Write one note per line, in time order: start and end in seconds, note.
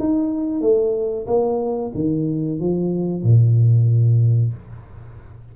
0.00 0.61 D#4
0.61 1.27 A3
1.27 1.92 A#3
1.95 2.60 D#3
2.60 3.23 F3
3.23 4.54 A#2